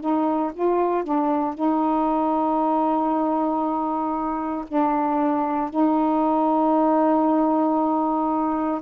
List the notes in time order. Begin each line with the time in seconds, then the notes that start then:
0.00 D#4
0.54 F4
1.04 D4
1.55 D#4
4.68 D4
5.70 D#4